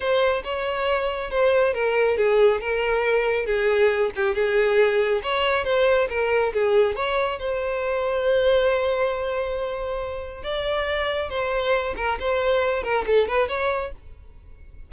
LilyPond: \new Staff \with { instrumentName = "violin" } { \time 4/4 \tempo 4 = 138 c''4 cis''2 c''4 | ais'4 gis'4 ais'2 | gis'4. g'8 gis'2 | cis''4 c''4 ais'4 gis'4 |
cis''4 c''2.~ | c''1 | d''2 c''4. ais'8 | c''4. ais'8 a'8 b'8 cis''4 | }